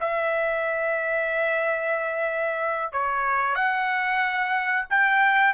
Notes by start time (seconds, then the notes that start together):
0.00 E5
2.92 C#5
3.55 F#5
4.90 G5